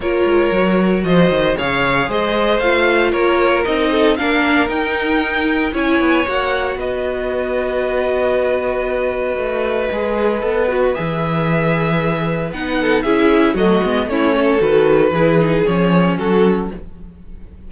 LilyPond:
<<
  \new Staff \with { instrumentName = "violin" } { \time 4/4 \tempo 4 = 115 cis''2 dis''4 f''4 | dis''4 f''4 cis''4 dis''4 | f''4 g''2 gis''4 | fis''4 dis''2.~ |
dis''1~ | dis''4 e''2. | fis''4 e''4 dis''4 cis''4 | b'2 cis''4 a'4 | }
  \new Staff \with { instrumentName = "violin" } { \time 4/4 ais'2 c''4 cis''4 | c''2 ais'4. a'8 | ais'2. cis''4~ | cis''4 b'2.~ |
b'1~ | b'1~ | b'8 a'8 gis'4 fis'4 e'8 a'8~ | a'4 gis'2 fis'4 | }
  \new Staff \with { instrumentName = "viola" } { \time 4/4 f'4 fis'2 gis'4~ | gis'4 f'2 dis'4 | d'4 dis'2 e'4 | fis'1~ |
fis'2. gis'4 | a'8 fis'8 gis'2. | dis'4 e'4 a8 b8 cis'4 | fis'4 e'8 dis'8 cis'2 | }
  \new Staff \with { instrumentName = "cello" } { \time 4/4 ais8 gis8 fis4 f8 dis8 cis4 | gis4 a4 ais4 c'4 | ais4 dis'2 cis'8 b8 | ais4 b2.~ |
b2 a4 gis4 | b4 e2. | b4 cis'4 fis8 gis8 a4 | dis4 e4 f4 fis4 | }
>>